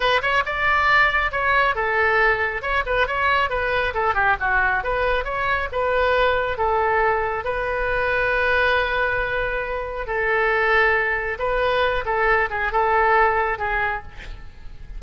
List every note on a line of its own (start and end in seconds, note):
0.00 0.21 B4
0.21 0.43 C#5
0.45 1.31 D5
1.31 1.75 C#5
1.75 2.62 A4
2.62 2.83 C#5
2.85 3.07 B4
3.07 3.49 C#5
3.49 3.93 B4
3.94 4.14 A4
4.14 4.36 G4
4.40 4.83 F#4
4.83 5.24 B4
5.24 5.68 C#5
5.72 6.57 B4
6.57 7.44 A4
7.44 10.06 B4
10.06 11.38 A4
11.38 12.04 B4
12.05 12.49 A4
12.50 12.72 G#4
12.72 13.58 A4
13.58 14.02 G#4